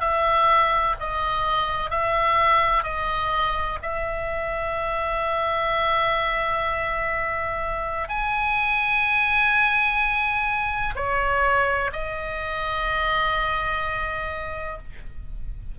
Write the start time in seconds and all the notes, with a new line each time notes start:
0.00 E5
0.99 D#5
1.90 E5
2.83 D#5
3.82 E5
8.08 G#5
10.95 C#5
11.92 D#5